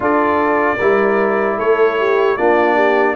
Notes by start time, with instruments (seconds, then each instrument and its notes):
0.00 tuba D4, trombone F4, horn A4, trumpet D5
0.77 tuba G3, trombone E4, horn A#4
1.57 tuba A3, horn A4, trumpet C#5
1.98 horn G4
2.36 tuba A#3, trombone D4, horn F4, trumpet D5
2.75 horn G4